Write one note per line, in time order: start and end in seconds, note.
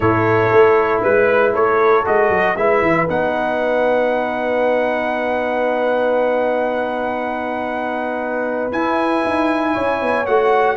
0.00 0.50 A2
0.00 2.04 E4
0.00 1.02 A4
0.00 1.02 C#5
0.51 1.03 A3
1.02 1.54 G#3
1.02 1.53 B4
1.53 2.05 A3
1.53 2.56 A4
1.53 2.05 C#5
2.04 2.29 G#3
2.04 2.55 F#4
2.04 2.56 D#5
2.29 2.55 F#3
2.56 2.81 G#3
2.56 3.07 E4
2.56 9.73 B4
2.56 3.07 E5
2.81 3.07 E3
3.07 8.72 B3
3.07 8.72 D#4
3.07 8.72 F#5
8.72 9.23 E4
8.72 10.26 E4
8.72 10.25 G#5
9.24 9.76 D#4
9.73 10.01 C#4
9.73 10.75 C#5
10.01 10.27 B3
10.25 10.76 A3
10.25 10.76 F#4
10.25 10.76 F#5